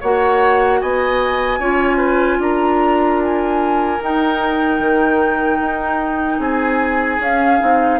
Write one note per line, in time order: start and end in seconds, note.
0.00 0.82 A#3
0.00 1.61 F#4
0.00 0.80 C#5
0.00 0.81 F#5
0.81 1.59 B3
0.81 1.59 D#5
0.81 2.41 G#5
1.59 2.39 C#4
1.59 4.01 F4
1.59 1.97 C#5
1.97 2.37 B4
2.39 3.99 D4
2.39 6.40 A#4
2.39 3.22 A#5
3.23 4.03 G#5
4.01 7.21 D#4
4.01 4.79 D#4
4.01 6.41 G5
4.79 5.59 D#3
5.61 6.39 D#4
6.39 7.19 C4
6.39 8.00 G#4
6.39 7.21 G#5
7.19 7.59 C#4
7.19 7.60 C#4
7.19 8.00 F5
7.60 8.00 C4
7.60 8.00 D#4